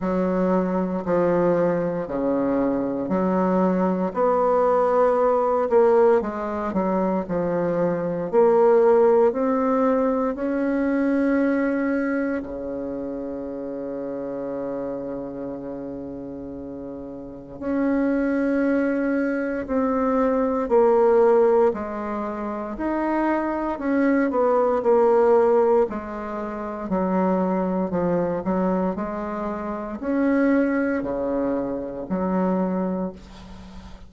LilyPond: \new Staff \with { instrumentName = "bassoon" } { \time 4/4 \tempo 4 = 58 fis4 f4 cis4 fis4 | b4. ais8 gis8 fis8 f4 | ais4 c'4 cis'2 | cis1~ |
cis4 cis'2 c'4 | ais4 gis4 dis'4 cis'8 b8 | ais4 gis4 fis4 f8 fis8 | gis4 cis'4 cis4 fis4 | }